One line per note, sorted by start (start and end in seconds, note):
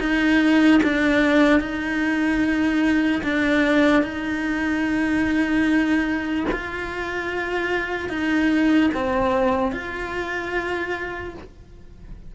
0.00 0.81 D#4
0.83 1.60 D4
1.60 3.22 D#4
3.23 4.03 D4
4.03 6.46 D#4
6.52 8.09 F4
8.09 8.90 D#4
8.94 9.72 C4
9.72 11.34 F4